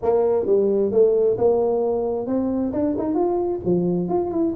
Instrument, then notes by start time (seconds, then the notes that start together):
tuba
0.02 A#3
0.46 G3
0.91 A3
1.37 A#3
2.26 C4
2.73 D4
2.98 D#4
3.14 F4
3.64 F3
4.08 F4
4.31 E4